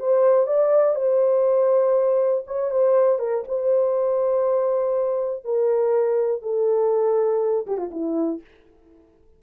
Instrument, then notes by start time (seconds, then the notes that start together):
horn
0.00 C5
0.47 D5
0.96 C5
2.47 C#5
2.71 C5
3.19 A#4
3.48 C5
5.45 A#4
6.42 A4
7.67 G4
7.78 F4
7.92 E4